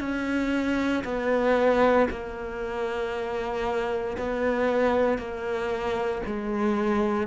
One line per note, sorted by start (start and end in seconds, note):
0.00 1.03 C#4
1.04 2.08 B3
2.11 4.18 A#3
4.18 5.19 B3
5.19 6.22 A#3
6.27 7.27 G#3